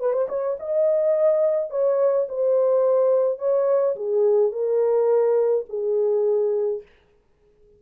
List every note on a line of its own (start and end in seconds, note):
0.00 0.13 B4
0.13 0.28 C5
0.29 0.57 C#5
0.60 1.71 D#5
1.71 2.27 C#5
2.29 3.39 C5
3.39 3.96 C#5
3.96 4.52 G#4
4.52 5.65 A#4
5.69 6.83 G#4